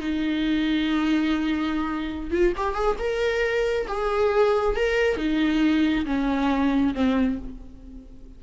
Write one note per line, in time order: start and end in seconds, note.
0.00 2.31 D#4
2.31 2.53 F4
2.56 2.74 G4
2.74 2.96 G#4
2.98 3.87 A#4
3.87 4.76 G#4
4.76 5.17 A#4
5.17 6.05 D#4
6.05 6.94 C#4
6.94 7.38 C4